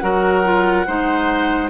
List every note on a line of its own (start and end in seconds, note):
0.00 0.87 F#3
0.00 0.44 F#4
0.00 0.87 A#4
0.00 1.69 F#5
0.45 0.87 F4
0.87 1.70 G#3
0.87 1.70 D#4
0.87 1.70 C5